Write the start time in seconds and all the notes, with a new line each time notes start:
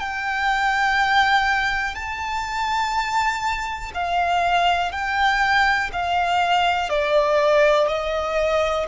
0.00 G5
1.95 A5
3.94 F5
4.92 G5
5.93 F5
6.90 D5
7.88 D#5